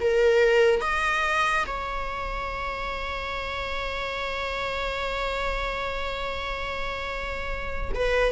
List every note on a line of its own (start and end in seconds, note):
0.00 0.81 A#4
0.81 1.64 D#5
1.67 7.92 C#5
7.95 8.32 B4